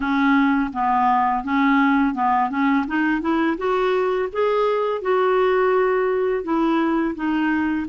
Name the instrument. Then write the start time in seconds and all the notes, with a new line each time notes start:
clarinet
0.00 C#4
0.73 B3
1.44 C#4
2.14 B3
2.50 C#4
2.87 D#4
3.21 E4
3.57 F#4
4.32 G#4
5.01 F#4
6.43 E4
7.15 D#4